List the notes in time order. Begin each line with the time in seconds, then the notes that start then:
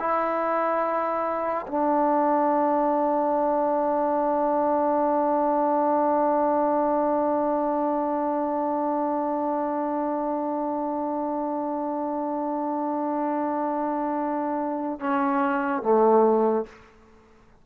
0.00 E4
1.68 D4
15.00 C#4
15.83 A3